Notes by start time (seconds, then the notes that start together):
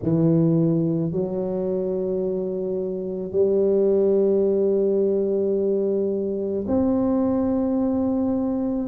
0.03 E3
1.11 F#3
3.31 G3
6.67 C4